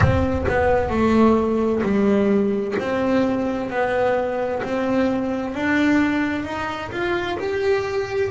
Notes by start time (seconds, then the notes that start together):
0.00 C4
0.48 B3
0.89 A3
1.83 G3
2.79 C4
3.70 B3
4.63 C4
5.54 D4
6.44 D#4
6.91 F4
7.39 G4